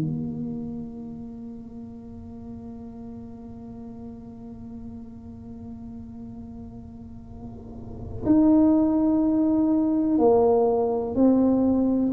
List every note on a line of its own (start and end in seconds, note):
0.00 8.23 A#3
8.25 10.18 D#4
10.18 11.15 A#3
11.15 12.12 C4